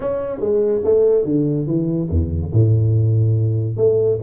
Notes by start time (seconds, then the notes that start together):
0.00 C#4
0.39 G#3
0.84 A3
1.24 D3
1.66 E3
2.10 E2
2.52 A2
3.76 A3